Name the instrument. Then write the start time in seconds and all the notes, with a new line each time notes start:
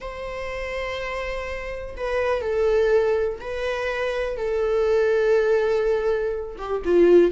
viola
0.00 C5
1.96 B4
2.41 A4
3.40 B4
4.36 A4
6.57 G4
6.84 F4